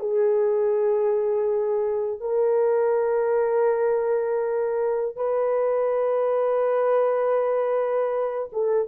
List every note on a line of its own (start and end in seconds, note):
0.00 2.21 G#4
2.21 5.16 A#4
5.16 8.50 B4
8.53 8.88 A4